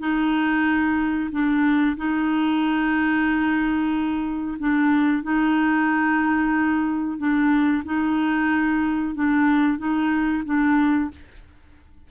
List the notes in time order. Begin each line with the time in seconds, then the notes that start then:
0.00 D#4
1.32 D4
1.97 D#4
4.59 D4
5.23 D#4
7.18 D4
7.85 D#4
9.15 D4
9.78 D#4
10.45 D4